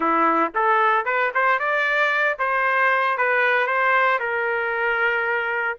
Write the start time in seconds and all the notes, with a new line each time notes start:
0.00 E4
0.54 A4
1.05 B4
1.34 C5
1.59 D5
2.38 C5
3.17 B4
3.66 C5
4.19 A#4